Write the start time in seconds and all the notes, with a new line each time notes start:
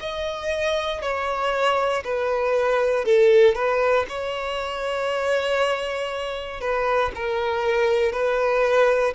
0.00 D#5
1.02 C#5
2.04 B4
3.05 A4
3.55 B4
4.09 C#5
6.61 B4
7.15 A#4
8.12 B4